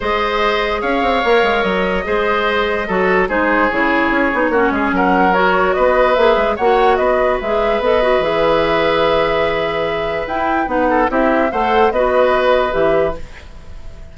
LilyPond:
<<
  \new Staff \with { instrumentName = "flute" } { \time 4/4 \tempo 4 = 146 dis''2 f''2 | dis''1 | c''4 cis''2. | fis''4 cis''4 dis''4 e''4 |
fis''4 dis''4 e''4 dis''4 | e''1~ | e''4 g''4 fis''4 e''4 | fis''4 dis''2 e''4 | }
  \new Staff \with { instrumentName = "oboe" } { \time 4/4 c''2 cis''2~ | cis''4 c''2 a'4 | gis'2. fis'8 gis'8 | ais'2 b'2 |
cis''4 b'2.~ | b'1~ | b'2~ b'8 a'8 g'4 | c''4 b'2. | }
  \new Staff \with { instrumentName = "clarinet" } { \time 4/4 gis'2. ais'4~ | ais'4 gis'2 fis'4 | dis'4 e'4. dis'8 cis'4~ | cis'4 fis'2 gis'4 |
fis'2 gis'4 a'8 fis'8 | gis'1~ | gis'4 e'4 dis'4 e'4 | a'4 fis'2 g'4 | }
  \new Staff \with { instrumentName = "bassoon" } { \time 4/4 gis2 cis'8 c'8 ais8 gis8 | fis4 gis2 fis4 | gis4 cis4 cis'8 b8 ais8 gis8 | fis2 b4 ais8 gis8 |
ais4 b4 gis4 b4 | e1~ | e4 e'4 b4 c'4 | a4 b2 e4 | }
>>